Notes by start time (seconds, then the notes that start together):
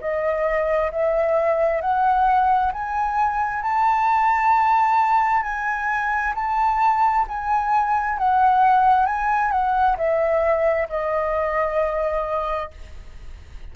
0.00 D#5
0.91 E5
1.81 F#5
2.72 G#5
3.62 A5
5.43 G#5
6.35 A5
7.28 G#5
8.17 F#5
9.05 G#5
9.50 F#5
9.97 E5
10.89 D#5